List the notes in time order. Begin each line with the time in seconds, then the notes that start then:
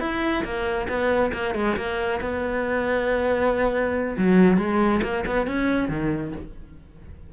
0.00 E4
0.44 A#3
0.88 B3
1.33 A#3
1.54 G#3
1.76 A#3
2.21 B3
4.18 F#3
4.57 G#3
5.03 A#3
5.27 B3
5.47 C#4
5.89 D#3